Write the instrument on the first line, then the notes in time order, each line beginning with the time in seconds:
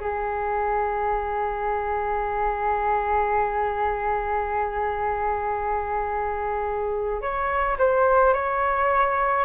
flute
0.00 G#4
7.22 C#5
7.78 C5
8.34 C#5